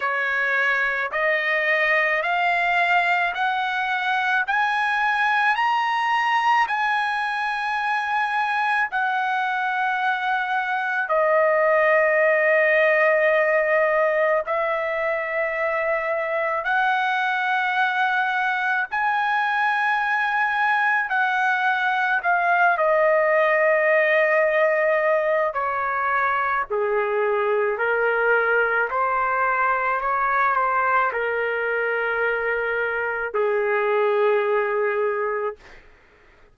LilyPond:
\new Staff \with { instrumentName = "trumpet" } { \time 4/4 \tempo 4 = 54 cis''4 dis''4 f''4 fis''4 | gis''4 ais''4 gis''2 | fis''2 dis''2~ | dis''4 e''2 fis''4~ |
fis''4 gis''2 fis''4 | f''8 dis''2~ dis''8 cis''4 | gis'4 ais'4 c''4 cis''8 c''8 | ais'2 gis'2 | }